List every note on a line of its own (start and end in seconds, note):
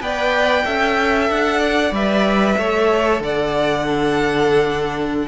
0.00 0.64 B3
0.00 0.65 B4
0.00 0.65 D5
0.00 1.30 G5
0.65 1.29 C#4
0.65 1.93 A4
0.65 1.59 E5
1.29 1.91 D4
1.29 1.94 F#5
1.59 2.55 D5
1.91 2.55 G3
1.91 2.58 B4
1.91 3.22 E5
2.58 3.20 A3
2.58 3.86 A4
2.58 3.22 C#5
3.20 5.27 D3
3.20 3.85 D5
3.20 5.27 F#5
3.85 5.27 D4
3.85 5.27 A4